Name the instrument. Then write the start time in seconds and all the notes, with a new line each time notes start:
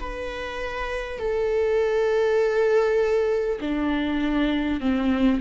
viola
0.00 B4
1.19 A4
3.61 D4
4.81 C4